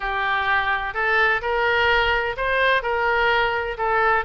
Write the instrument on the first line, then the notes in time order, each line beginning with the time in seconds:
oboe
0.00 G4
0.94 A4
1.41 A#4
2.36 C5
2.82 A#4
3.77 A4